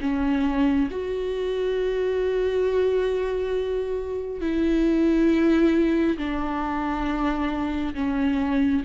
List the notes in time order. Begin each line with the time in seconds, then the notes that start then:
0.00 C#4
0.91 F#4
4.40 E4
6.17 D4
7.94 C#4